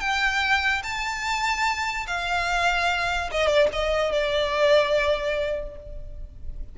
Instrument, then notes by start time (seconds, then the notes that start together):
violin
0.00 G5
0.83 A5
2.07 F5
3.31 D#5
3.47 D5
3.72 D#5
4.12 D5